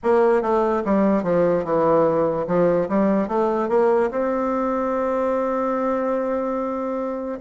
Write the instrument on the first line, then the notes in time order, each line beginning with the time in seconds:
bassoon
0.03 A#3
0.41 A3
0.84 G3
1.23 F3
1.64 E3
2.47 F3
2.88 G3
3.28 A3
3.68 A#3
4.10 C4